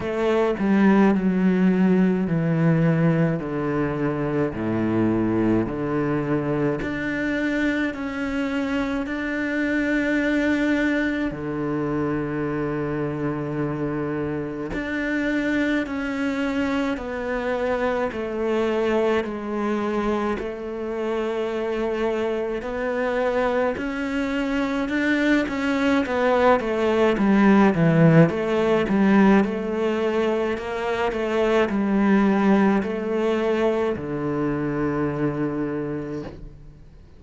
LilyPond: \new Staff \with { instrumentName = "cello" } { \time 4/4 \tempo 4 = 53 a8 g8 fis4 e4 d4 | a,4 d4 d'4 cis'4 | d'2 d2~ | d4 d'4 cis'4 b4 |
a4 gis4 a2 | b4 cis'4 d'8 cis'8 b8 a8 | g8 e8 a8 g8 a4 ais8 a8 | g4 a4 d2 | }